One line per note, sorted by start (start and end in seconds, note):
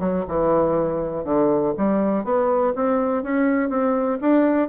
0.00 0.25 F#3
0.28 1.24 E3
1.24 1.73 D3
1.77 2.24 G3
2.24 2.74 B3
2.76 3.23 C4
3.23 3.70 C#4
3.70 4.19 C4
4.21 4.69 D4